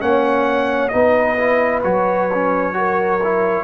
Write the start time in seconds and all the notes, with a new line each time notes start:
0.00 A#3 C#4 C#5 F#5
0.88 B3 D#4 B4 D#5
1.38 E4
1.84 F#3 F#4 C#5
2.34 C#4
2.73 F#4 A#4
3.24 E4